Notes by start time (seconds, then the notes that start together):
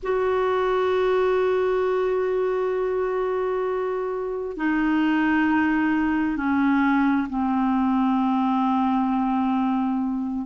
0.02 F#4
4.56 D#4
6.36 C#4
7.29 C4